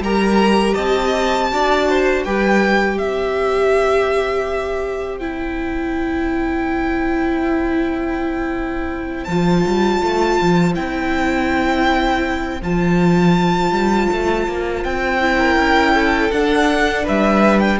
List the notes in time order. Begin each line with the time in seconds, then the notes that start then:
0.00 G3 G4 A#4 A#5
0.74 C4 D#5 A5
1.51 D4 F#4 D5
1.89 C5
2.24 G3 G4 B4 G5
2.97 C4 C5 E5
5.18 E4 G5
9.24 F3 F4 A5
9.66 G3
10.02 A3
10.41 F3
10.74 C4 E4 G5
12.61 F3 F4 A5
13.71 G3
14.12 A3
14.47 A#3
14.84 C4 G5
15.20 E4
15.38 A#4
15.56 C#4
15.94 A4
16.31 D4 F#5
17.03 G3 B4 E5
17.59 G5